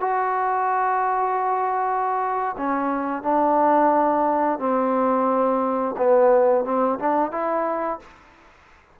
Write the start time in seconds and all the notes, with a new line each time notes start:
0.00 F#4
2.58 C#4
3.23 D4
4.59 C4
5.97 B3
6.65 C4
6.99 D4
7.31 E4